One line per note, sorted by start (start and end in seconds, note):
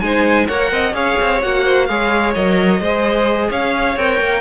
0.00 0.48 G#3
0.00 0.48 D#4
0.00 0.47 C5
0.00 0.47 G#5
0.47 0.72 A#3
0.47 0.93 A#4
0.47 0.70 C#5
0.47 0.94 F#5
0.72 0.93 C4
0.72 0.95 D#5
0.93 1.16 C#4
0.93 1.40 G#4
0.93 1.64 C#5
0.93 1.41 F5
1.21 1.44 C4
1.42 1.89 A#3
1.42 1.89 F#4
1.42 1.86 F#5
1.64 1.87 C5
1.86 2.35 G#3
1.86 2.35 G#4
1.86 2.81 C#5
1.86 2.32 F5
2.35 2.80 F#3
2.35 2.82 A#4
2.35 3.51 D#5
2.80 3.50 G#3
2.80 3.98 G#4
2.80 3.49 C5
3.49 3.97 C#4
3.49 4.41 C#5
3.49 3.98 F5
3.97 4.20 C4
3.97 4.41 A#4
3.97 4.41 G5
4.20 4.41 A#3